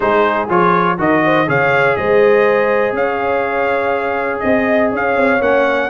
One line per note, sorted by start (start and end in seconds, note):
0.00 0.49 G#3
0.00 0.48 D#4
0.00 0.97 G#4
0.00 0.48 C5
0.49 0.98 F3
0.49 0.98 F4
0.49 0.99 C#5
0.98 1.47 D#3
0.98 1.47 F#4
0.98 1.23 A#4
0.98 1.49 D#5
1.25 1.48 C5
1.47 1.97 C#3
1.47 5.40 G#4
1.47 1.97 C#5
1.47 1.96 F5
1.96 2.92 G#3
1.96 2.95 C5
1.96 2.94 D#5
2.92 4.39 C#4
2.92 4.43 C#5
2.92 4.39 F5
4.39 4.92 C4
4.39 4.88 D#5
4.39 4.91 D#5
4.91 5.16 C#4
4.91 5.89 C#5
4.91 5.41 F5
5.16 5.41 C4
5.40 5.89 A#3
5.40 5.89 C#4
5.40 5.89 F#5